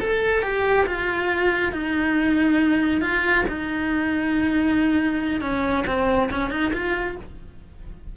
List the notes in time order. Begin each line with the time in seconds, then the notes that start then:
0.00 A4
0.43 G4
0.86 F4
1.73 D#4
3.01 F4
3.49 D#4
5.41 C#4
5.87 C4
6.31 C#4
6.50 D#4
6.73 F4